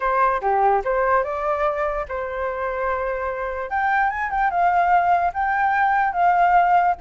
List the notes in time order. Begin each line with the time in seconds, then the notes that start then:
0.00 C5
0.41 G4
0.84 C5
1.23 D5
2.08 C5
3.70 G5
4.09 G#5
4.30 G5
4.50 F5
5.33 G5
6.12 F5